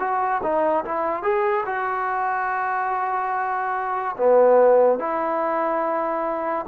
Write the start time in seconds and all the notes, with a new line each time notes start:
0.00 F#4
0.44 D#4
0.86 E4
1.23 G#4
1.66 F#4
4.17 B3
4.99 E4